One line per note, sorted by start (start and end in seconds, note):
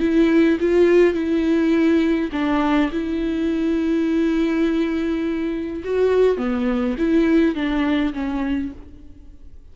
0.00 0.58 E4
0.60 1.14 F4
1.14 2.31 E4
2.32 2.91 D4
2.92 5.84 E4
5.84 6.38 F#4
6.38 6.96 B3
6.98 7.55 E4
7.55 8.13 D4
8.14 8.72 C#4